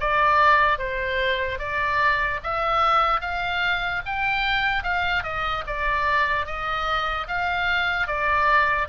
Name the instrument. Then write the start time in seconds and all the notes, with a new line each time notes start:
oboe
0.00 D5
0.78 C5
1.59 D5
2.43 E5
3.21 F5
4.06 G5
4.83 F5
5.23 D#5
5.67 D5
6.46 D#5
7.28 F5
8.07 D5